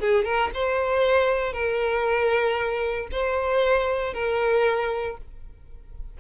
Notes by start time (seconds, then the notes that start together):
0.00 G#4
0.25 A#4
0.54 C5
1.53 A#4
3.12 C5
4.14 A#4